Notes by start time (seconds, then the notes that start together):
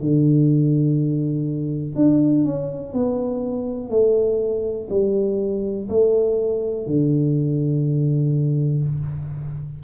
0.00 D3
1.95 D4
2.44 C#4
2.93 B3
3.89 A3
4.90 G3
5.89 A3
6.86 D3